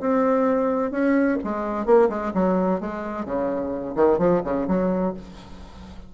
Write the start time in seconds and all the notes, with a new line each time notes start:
0.00 C4
0.91 C#4
1.44 G#3
1.86 A#3
2.09 G#3
2.34 F#3
2.80 G#3
3.25 C#3
3.95 D#3
4.18 F3
4.44 C#3
4.67 F#3